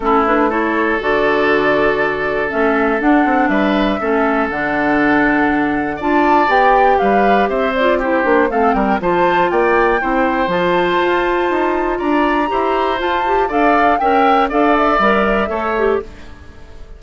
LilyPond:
<<
  \new Staff \with { instrumentName = "flute" } { \time 4/4 \tempo 4 = 120 a'8 b'8 cis''4 d''2~ | d''4 e''4 fis''4 e''4~ | e''4 fis''2. | a''4 g''4 f''4 e''8 d''8 |
c''4 f''8 g''8 a''4 g''4~ | g''4 a''2. | ais''2 a''4 f''4 | g''4 f''8 e''2~ e''8 | }
  \new Staff \with { instrumentName = "oboe" } { \time 4/4 e'4 a'2.~ | a'2. b'4 | a'1 | d''2 b'4 c''4 |
g'4 a'8 ais'8 c''4 d''4 | c''1 | d''4 c''2 d''4 | e''4 d''2 cis''4 | }
  \new Staff \with { instrumentName = "clarinet" } { \time 4/4 cis'8 d'8 e'4 fis'2~ | fis'4 cis'4 d'2 | cis'4 d'2. | f'4 g'2~ g'8 f'8 |
e'8 d'8 c'4 f'2 | e'4 f'2.~ | f'4 g'4 f'8 g'8 a'4 | ais'4 a'4 ais'4 a'8 g'8 | }
  \new Staff \with { instrumentName = "bassoon" } { \time 4/4 a2 d2~ | d4 a4 d'8 c'8 g4 | a4 d2. | d'4 b4 g4 c'4~ |
c'8 ais8 a8 g8 f4 ais4 | c'4 f4 f'4 dis'4 | d'4 e'4 f'4 d'4 | cis'4 d'4 g4 a4 | }
>>